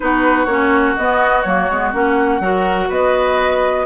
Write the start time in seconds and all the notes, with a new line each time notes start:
0.00 B3 D#4 F#4 B4
0.45 A#3 C#4 C#5
0.96 B3 D#5
1.42 F#3 A#3 C#5
1.69 G#3 B3
1.93 A#3 C#4 F#5
2.40 F#3 F#4 A#4
2.88 B3 B4 D#5